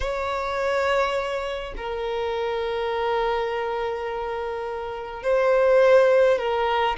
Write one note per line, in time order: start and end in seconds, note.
0.00 1.73 C#5
1.76 5.22 A#4
5.22 6.38 C5
6.38 6.96 A#4